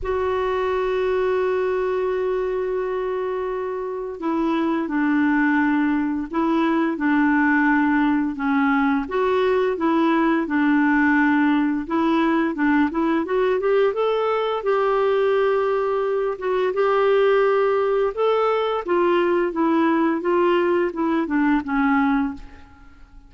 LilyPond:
\new Staff \with { instrumentName = "clarinet" } { \time 4/4 \tempo 4 = 86 fis'1~ | fis'2 e'4 d'4~ | d'4 e'4 d'2 | cis'4 fis'4 e'4 d'4~ |
d'4 e'4 d'8 e'8 fis'8 g'8 | a'4 g'2~ g'8 fis'8 | g'2 a'4 f'4 | e'4 f'4 e'8 d'8 cis'4 | }